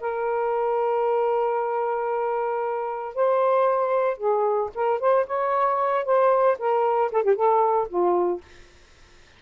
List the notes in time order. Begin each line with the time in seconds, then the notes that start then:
0.00 A#4
3.15 C5
4.17 G#4
4.74 A#4
5.00 C5
5.26 C#5
6.05 C5
6.58 A#4
7.11 A4
7.23 G4
7.35 A4
7.88 F4